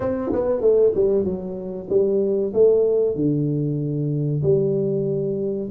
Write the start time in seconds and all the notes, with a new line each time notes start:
0.00 C4
0.32 B3
0.60 A3
0.94 G3
1.24 F#3
1.89 G3
2.53 A3
3.15 D3
4.42 G3